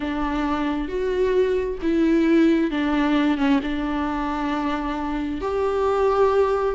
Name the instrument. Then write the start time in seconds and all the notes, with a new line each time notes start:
viola
0.00 D4
0.88 F#4
1.82 E4
2.70 D4
3.37 C#4
3.62 D4
5.41 G4